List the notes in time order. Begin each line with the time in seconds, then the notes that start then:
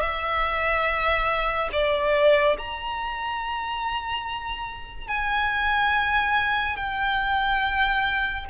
0.00 E5
1.72 D5
2.58 A#5
5.07 G#5
6.76 G5